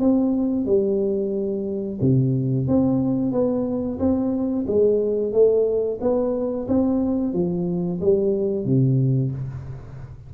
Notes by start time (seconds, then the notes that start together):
0.00 C4
0.66 G3
2.01 C3
2.68 C4
3.32 B3
3.99 C4
4.67 G#3
5.32 A3
6.01 B3
6.68 C4
7.33 F3
8.01 G3
8.65 C3